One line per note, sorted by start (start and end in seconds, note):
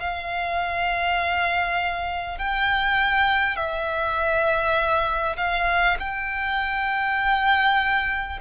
0.00 2.38 F5
2.38 3.56 G5
3.56 5.36 E5
5.37 5.97 F5
5.99 8.39 G5